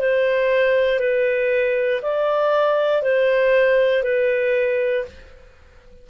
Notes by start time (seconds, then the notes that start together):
0.00 C5
1.00 B4
2.02 D5
3.03 C5
4.04 B4